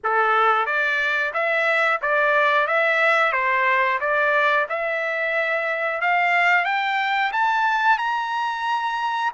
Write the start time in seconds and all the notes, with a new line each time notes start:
0.03 A4
0.65 D5
1.33 E5
2.01 D5
2.67 E5
3.32 C5
4.00 D5
4.69 E5
6.01 F5
6.65 G5
7.32 A5
7.98 A#5